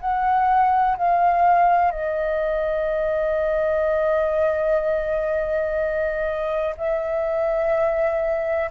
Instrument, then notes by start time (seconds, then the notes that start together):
flute
0.00 F#5
0.97 F5
1.91 D#5
6.77 E5